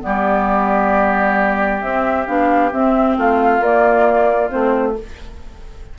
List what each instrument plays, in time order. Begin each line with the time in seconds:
0.00 bassoon G3, clarinet B3, oboe G4, flute D5
1.81 clarinet C4, bassoon C4, flute E5
2.26 bassoon B3, clarinet D4, flute F5
2.71 clarinet C4, bassoon C4, flute E5
3.17 bassoon A3, oboe F4, flute F5
3.59 bassoon A#3, clarinet A#3, flute D5
4.48 bassoon A3, clarinet C4, flute C5